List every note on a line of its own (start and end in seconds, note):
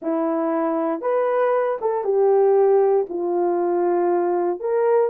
0.02 1.01 E4
1.01 1.78 B4
1.81 2.03 A4
2.03 3.06 G4
3.09 4.59 F4
4.59 5.10 A#4